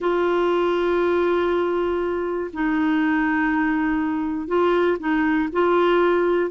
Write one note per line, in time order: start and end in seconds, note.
0.00 2.50 F4
2.53 4.47 D#4
4.47 4.97 F4
4.99 5.49 D#4
5.52 6.50 F4